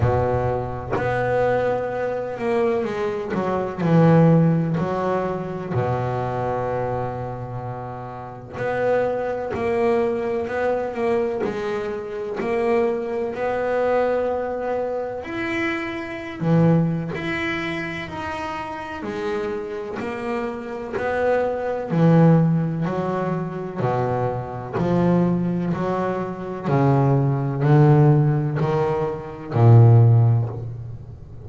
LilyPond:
\new Staff \with { instrumentName = "double bass" } { \time 4/4 \tempo 4 = 63 b,4 b4. ais8 gis8 fis8 | e4 fis4 b,2~ | b,4 b4 ais4 b8 ais8 | gis4 ais4 b2 |
e'4~ e'16 e8. e'4 dis'4 | gis4 ais4 b4 e4 | fis4 b,4 f4 fis4 | cis4 d4 dis4 ais,4 | }